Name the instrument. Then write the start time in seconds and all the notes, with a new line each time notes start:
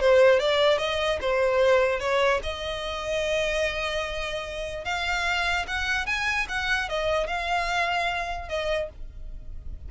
violin
0.00 C5
0.39 D5
0.78 D#5
1.21 C5
2.00 C#5
2.43 D#5
4.84 F5
5.67 F#5
6.06 G#5
6.48 F#5
6.89 D#5
7.27 F5
8.48 D#5